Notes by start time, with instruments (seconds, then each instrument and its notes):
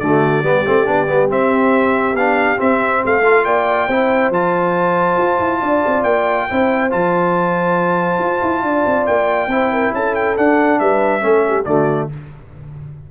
0.00 tuba D3, trombone A3, horn F#4, trumpet D5
0.43 tuba G3, trombone B3, horn G4
0.67 tuba A3, trombone C4
0.86 tuba B3, trombone D4
1.08 tuba G3, trombone B3
1.29 trombone C4, tuba C4, trumpet E5
2.14 tuba B3, trombone D4, trumpet F5
2.58 trombone C4, tuba C4, trumpet E5
3.05 tuba A3, horn A4, trumpet F5
3.24 trombone F4
3.45 tuba A#3, horn D5, trumpet G5
3.88 tuba C4, trombone E4, horn C5
4.30 tuba F3, trombone F4, trumpet A5
5.18 tuba F4
5.40 tuba E4
5.61 tuba D4, horn D5
5.87 tuba C4
6.04 tuba A#3, trumpet G5
6.49 tuba C4, trombone E4, horn C5
6.91 tuba F3, trombone F4, trumpet A5
8.19 tuba F4
8.42 tuba E4
8.63 tuba D4, horn D5
8.86 tuba C4
9.07 tuba A#3, trumpet G5
9.47 tuba C4, trombone E4
9.54 horn C5
9.73 horn A#4
9.93 tuba C#4, horn A4, trumpet A5
10.15 trumpet G5
10.37 trombone D4, tuba D4, trumpet F#5
10.80 tuba G3, horn B4, trumpet E5
11.21 tuba A3, trombone C#4, horn A4
11.48 horn G4
11.65 tuba D3, trombone A3, horn F#4, trumpet D5